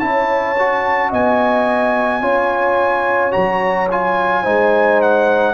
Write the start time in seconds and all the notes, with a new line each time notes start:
0.00 C#4 E4 C#5 A5
0.59 F#4
1.11 B3 D#5 G#5
2.22 C#4 F4 C#5
3.32 F#3 F#4 A#5
3.91 F4 G#5
4.43 G#3 D#4 C5
5.02 F#5